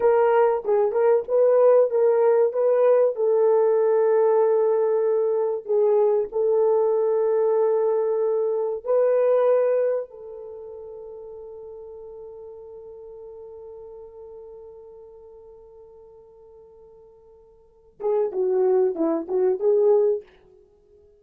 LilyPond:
\new Staff \with { instrumentName = "horn" } { \time 4/4 \tempo 4 = 95 ais'4 gis'8 ais'8 b'4 ais'4 | b'4 a'2.~ | a'4 gis'4 a'2~ | a'2 b'2 |
a'1~ | a'1~ | a'1~ | a'8 gis'8 fis'4 e'8 fis'8 gis'4 | }